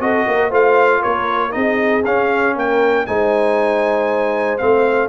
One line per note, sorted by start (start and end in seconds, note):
0.00 0.26 C4
0.00 0.51 F#4
0.00 0.27 A4
0.00 0.51 D#5
0.27 0.51 A#3
0.27 0.49 A#4
0.49 1.02 A3
0.49 1.51 F4
0.49 1.00 C5
0.49 1.02 F5
1.00 1.55 A#3
1.00 1.51 A#4
1.00 1.51 C#5
1.51 2.05 C4
1.51 2.01 D#4
1.51 2.56 G#4
1.51 2.02 D#5
2.05 2.55 C#4
2.05 3.06 C#4
2.05 2.56 F5
2.56 3.06 A#3
2.56 3.06 A#4
2.56 3.06 G5
3.06 4.60 G#3
3.06 4.58 D#4
3.06 5.08 C5
3.06 4.58 G#5
4.58 5.08 A3
4.58 5.08 C4
4.58 5.08 F5